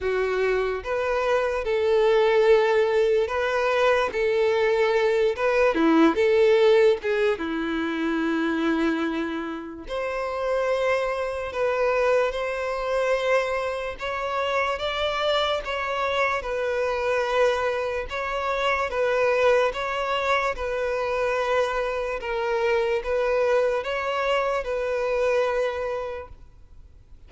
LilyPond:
\new Staff \with { instrumentName = "violin" } { \time 4/4 \tempo 4 = 73 fis'4 b'4 a'2 | b'4 a'4. b'8 e'8 a'8~ | a'8 gis'8 e'2. | c''2 b'4 c''4~ |
c''4 cis''4 d''4 cis''4 | b'2 cis''4 b'4 | cis''4 b'2 ais'4 | b'4 cis''4 b'2 | }